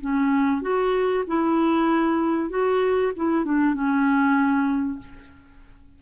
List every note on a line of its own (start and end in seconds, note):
0.00 0.61 C#4
0.61 1.24 F#4
1.27 2.49 E4
2.49 3.12 F#4
3.16 3.44 E4
3.44 3.74 D4
3.74 4.99 C#4